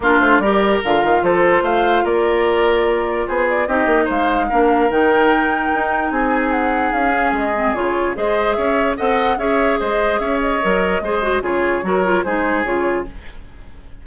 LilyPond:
<<
  \new Staff \with { instrumentName = "flute" } { \time 4/4 \tempo 4 = 147 ais'8 c''8 d''4 f''4 c''4 | f''4 d''2. | c''8 d''8 dis''4 f''2 | g''2. gis''4 |
fis''4 f''4 dis''4 cis''4 | dis''4 e''4 fis''4 e''4 | dis''4 e''8 dis''2~ dis''8 | cis''2 c''4 cis''4 | }
  \new Staff \with { instrumentName = "oboe" } { \time 4/4 f'4 ais'2 a'4 | c''4 ais'2. | gis'4 g'4 c''4 ais'4~ | ais'2. gis'4~ |
gis'1 | c''4 cis''4 dis''4 cis''4 | c''4 cis''2 c''4 | gis'4 ais'4 gis'2 | }
  \new Staff \with { instrumentName = "clarinet" } { \time 4/4 d'4 g'4 f'2~ | f'1~ | f'4 dis'2 d'4 | dis'1~ |
dis'4. cis'4 c'8 f'4 | gis'2 a'4 gis'4~ | gis'2 ais'4 gis'8 fis'8 | f'4 fis'8 f'8 dis'4 f'4 | }
  \new Staff \with { instrumentName = "bassoon" } { \time 4/4 ais8 a8 g4 d8 dis8 f4 | a4 ais2. | b4 c'8 ais8 gis4 ais4 | dis2 dis'4 c'4~ |
c'4 cis'4 gis4 cis4 | gis4 cis'4 c'4 cis'4 | gis4 cis'4 fis4 gis4 | cis4 fis4 gis4 cis4 | }
>>